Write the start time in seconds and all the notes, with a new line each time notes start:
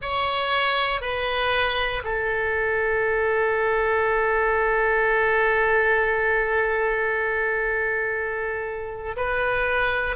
0.01 C#5
1.01 B4
2.03 A4
9.16 B4